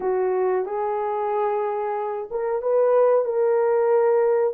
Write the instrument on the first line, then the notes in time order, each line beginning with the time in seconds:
horn
0.00 F#4
0.65 G#4
2.31 A#4
2.61 B4
3.24 A#4